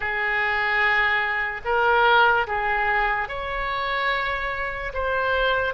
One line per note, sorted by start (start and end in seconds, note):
0.00 1.61 G#4
1.64 2.47 A#4
2.47 3.28 G#4
3.28 4.92 C#5
4.93 5.73 C5